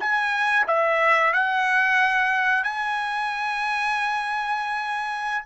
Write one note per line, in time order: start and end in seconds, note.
0.00 0.66 G#5
0.67 1.33 E5
1.33 2.63 F#5
2.63 5.44 G#5